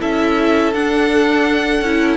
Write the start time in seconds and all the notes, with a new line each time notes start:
0.00 C#4 E4 A4 E5
0.73 D4 F#5
1.81 C#4 E4